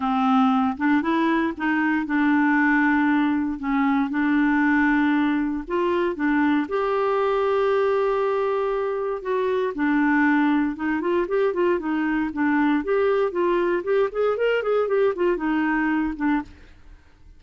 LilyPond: \new Staff \with { instrumentName = "clarinet" } { \time 4/4 \tempo 4 = 117 c'4. d'8 e'4 dis'4 | d'2. cis'4 | d'2. f'4 | d'4 g'2.~ |
g'2 fis'4 d'4~ | d'4 dis'8 f'8 g'8 f'8 dis'4 | d'4 g'4 f'4 g'8 gis'8 | ais'8 gis'8 g'8 f'8 dis'4. d'8 | }